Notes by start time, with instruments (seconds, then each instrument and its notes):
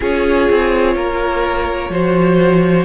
0.00 cello C#4, viola F4, violin G#4 C#5
0.49 cello C4
0.95 cello A#3, violin A#4
1.89 cello F3, viola F#4, violin C5